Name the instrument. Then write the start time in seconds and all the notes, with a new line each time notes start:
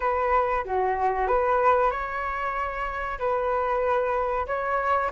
flute
0.00 B4
0.64 F#4
1.27 B4
1.90 C#5
3.19 B4
4.47 C#5